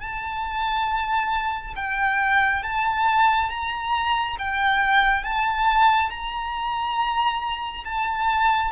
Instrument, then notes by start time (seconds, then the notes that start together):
violin
0.00 A5
1.76 G5
2.63 A5
3.49 A#5
4.39 G5
5.24 A5
6.10 A#5
7.85 A5